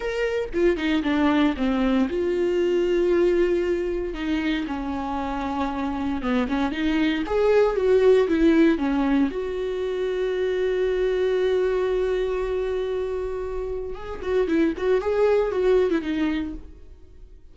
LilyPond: \new Staff \with { instrumentName = "viola" } { \time 4/4 \tempo 4 = 116 ais'4 f'8 dis'8 d'4 c'4 | f'1 | dis'4 cis'2. | b8 cis'8 dis'4 gis'4 fis'4 |
e'4 cis'4 fis'2~ | fis'1~ | fis'2. gis'8 fis'8 | e'8 fis'8 gis'4 fis'8. e'16 dis'4 | }